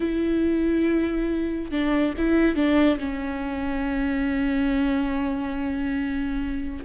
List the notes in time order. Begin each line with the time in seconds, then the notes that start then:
0.00 E4
1.71 D4
2.17 E4
2.55 D4
2.98 C#4